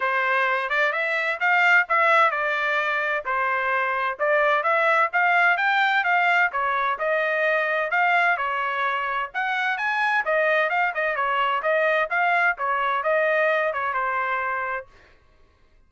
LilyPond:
\new Staff \with { instrumentName = "trumpet" } { \time 4/4 \tempo 4 = 129 c''4. d''8 e''4 f''4 | e''4 d''2 c''4~ | c''4 d''4 e''4 f''4 | g''4 f''4 cis''4 dis''4~ |
dis''4 f''4 cis''2 | fis''4 gis''4 dis''4 f''8 dis''8 | cis''4 dis''4 f''4 cis''4 | dis''4. cis''8 c''2 | }